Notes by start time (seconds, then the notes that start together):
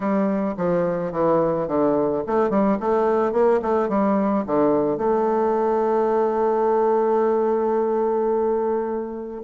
0.00 G3
0.57 F3
1.12 E3
1.67 D3
2.27 A3
2.50 G3
2.80 A3
3.32 A#3
3.61 A3
3.88 G3
4.46 D3
4.97 A3